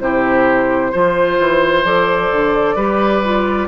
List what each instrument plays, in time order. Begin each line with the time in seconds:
0.00 bassoon C3, clarinet E4, oboe G4, flute C5
0.91 bassoon F3, clarinet F4, oboe C5
1.38 bassoon E3
1.84 bassoon F3, clarinet A4, flute D5
2.32 bassoon D3
2.75 bassoon G3, clarinet G4, oboe B4
3.24 clarinet F4